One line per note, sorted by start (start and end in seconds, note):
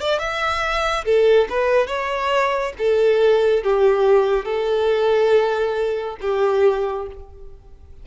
0.00 0.19 D5
0.19 1.04 E5
1.04 1.47 A4
1.49 1.87 B4
1.87 2.73 C#5
2.78 3.63 A4
3.63 4.45 G4
4.45 6.16 A4
6.21 7.06 G4